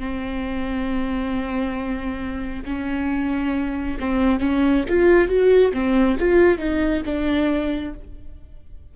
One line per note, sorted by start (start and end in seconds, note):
0.00 2.65 C4
2.66 3.98 C#4
4.00 4.40 C4
4.40 4.84 C#4
4.89 5.28 F4
5.28 5.72 F#4
5.74 6.18 C4
6.20 6.59 F4
6.59 7.03 D#4
7.06 7.94 D4